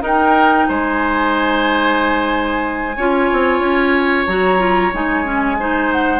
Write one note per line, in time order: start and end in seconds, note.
0.00 2.93 D#4
0.00 0.66 D#4
0.00 0.68 A#4
0.06 0.69 G5
0.69 2.97 G#3
0.69 2.97 C5
0.69 4.27 G#5
2.97 3.30 C#4
2.97 4.29 F4
2.97 5.58 C#5
3.33 3.60 C4
3.60 4.25 C#4
4.27 4.92 F#3
4.27 4.59 F#4
4.27 4.93 A#5
4.59 4.92 F4
4.94 6.20 G#3
4.94 5.25 D#4
4.94 5.93 G#5
5.25 5.57 C#4
5.60 6.20 D#4
5.60 6.20 C5
5.93 6.20 F#5